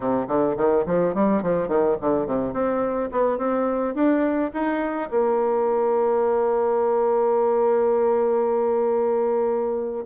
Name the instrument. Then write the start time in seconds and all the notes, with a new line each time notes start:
bassoon
0.00 C3
0.28 D3
0.56 D#3
0.86 F3
1.14 G3
1.42 F3
1.67 D#3
2.01 D3
2.26 C3
2.53 C4
3.11 B3
3.38 C4
3.94 D4
4.53 D#4
5.10 A#3